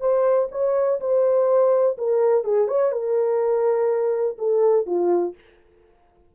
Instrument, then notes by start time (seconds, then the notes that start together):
horn
0.00 C5
0.51 C#5
1.00 C5
1.98 A#4
2.44 G#4
2.67 C#5
2.92 A#4
4.38 A4
4.86 F4